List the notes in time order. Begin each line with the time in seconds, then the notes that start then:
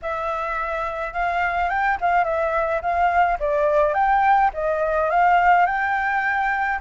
0.02 E5
1.13 F5
1.69 G5
2.00 F5
2.24 E5
2.81 F5
3.39 D5
3.94 G5
4.53 D#5
5.10 F5
5.66 G5